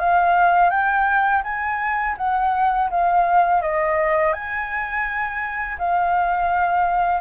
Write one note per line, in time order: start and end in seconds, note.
0.00 0.71 F5
0.71 1.43 G5
1.44 2.17 G#5
2.18 2.90 F#5
2.91 3.62 F5
3.62 4.33 D#5
4.33 5.78 G#5
5.79 7.21 F5